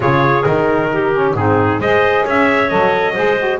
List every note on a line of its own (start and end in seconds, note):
0.00 0.44 C#3
0.00 0.43 F4
0.00 0.89 G#4
0.00 0.43 C#5
0.43 1.34 D#3
0.43 1.12 D#4
0.43 1.33 A#4
0.92 1.37 G4
1.12 1.34 C#4
1.34 1.79 G#2
1.34 1.81 C4
1.34 1.80 D#4
1.34 1.80 G#4
1.79 2.24 G#3
1.79 2.68 G#4
1.79 2.24 C5
1.79 2.25 D#5
2.24 2.71 C#4
2.24 3.13 C#5
2.24 2.69 E5
2.68 3.16 F#3
2.68 3.14 A4
2.68 3.59 D#5
3.13 3.60 G#3
3.13 3.37 G#4
3.13 3.58 C5
3.37 3.60 F#4